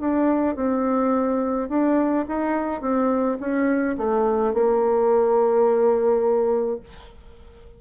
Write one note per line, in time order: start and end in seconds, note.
0.00 0.55 D4
0.55 1.69 C4
1.69 2.25 D4
2.28 2.81 D#4
2.81 3.38 C4
3.40 3.96 C#4
3.97 4.54 A3
4.54 6.80 A#3